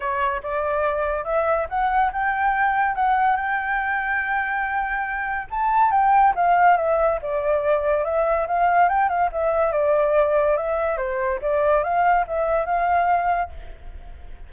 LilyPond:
\new Staff \with { instrumentName = "flute" } { \time 4/4 \tempo 4 = 142 cis''4 d''2 e''4 | fis''4 g''2 fis''4 | g''1~ | g''4 a''4 g''4 f''4 |
e''4 d''2 e''4 | f''4 g''8 f''8 e''4 d''4~ | d''4 e''4 c''4 d''4 | f''4 e''4 f''2 | }